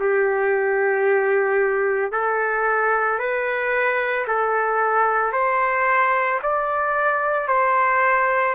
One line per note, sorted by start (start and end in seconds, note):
0.00 2.12 G4
2.12 3.19 A4
3.19 4.27 B4
4.28 5.33 A4
5.33 6.40 C5
6.43 7.48 D5
7.48 8.55 C5